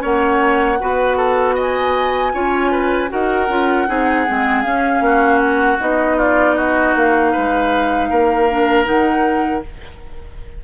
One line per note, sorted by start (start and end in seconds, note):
0.00 0.81 A#3
0.00 0.77 C#4
0.00 0.79 C#5
0.00 1.58 F#5
0.80 2.34 B3
0.80 2.34 F#4
0.80 1.17 B4
1.17 1.56 A4
1.56 2.33 D#5
1.56 3.11 G#5
2.34 3.11 C#4
2.34 3.09 F4
2.34 2.72 C#5
2.72 3.10 B4
3.09 3.49 D#4
3.09 3.47 F#4
3.09 3.89 A#4
3.09 4.63 F#5
3.49 3.87 C#4
3.49 3.88 F4
3.88 4.28 C4
3.88 4.26 D#4
3.88 5.04 G#4
4.28 4.65 G#3
4.28 4.64 C4
4.63 5.79 C#4
4.63 5.01 C#4
4.63 5.39 F5
5.01 5.78 A#3
5.01 6.17 F#4
5.39 5.77 F#5
5.80 6.96 B3
5.80 8.50 D#4
5.80 6.20 D#5
6.17 6.56 F4
6.17 6.57 D5
6.56 7.33 F#4
6.56 6.95 D#5
6.96 7.34 A#3
6.96 8.86 F5
7.33 8.11 G#3
7.33 8.09 B4
8.10 8.88 A#3
8.10 9.64 A#4
8.50 8.85 D4
8.85 9.65 D#3
8.85 9.62 D#4
8.85 9.63 F#5